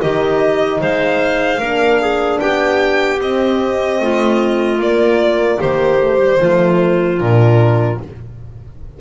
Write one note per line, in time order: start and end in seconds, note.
0.00 0.81 D#3
0.00 1.60 D#4
0.00 0.81 G4
0.00 0.81 D#5
0.81 1.59 G#3
0.81 1.61 C5
0.81 2.40 F5
1.59 2.39 A#3
1.59 3.21 D4
1.59 2.01 A#4
2.01 2.41 G#4
2.40 3.21 B3
2.40 4.01 G4
2.40 3.20 G5
3.21 4.00 C4
3.21 4.80 C4
3.21 4.82 D#5
4.00 4.79 A3
4.00 5.59 F4
4.79 5.59 A#3
4.79 5.99 A#3
4.79 5.61 D5
5.59 6.41 D#3
5.59 6.39 G4
5.59 7.19 C5
5.99 6.18 A3
6.18 6.38 G3
6.40 7.21 F3
6.40 7.19 A3
6.40 8.00 F4
7.19 8.01 A#2
7.19 7.99 D4
7.19 7.99 A#4